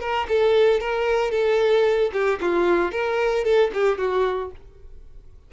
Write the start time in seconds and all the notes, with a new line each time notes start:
0.00 A#4
0.28 A4
0.80 A#4
1.31 A4
2.13 G4
2.40 F4
2.91 A#4
3.44 A4
3.74 G4
3.98 F#4